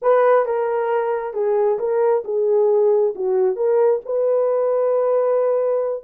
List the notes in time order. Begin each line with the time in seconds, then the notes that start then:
0.02 B4
0.45 A#4
1.33 G#4
1.78 A#4
2.24 G#4
3.15 F#4
3.55 A#4
4.05 B4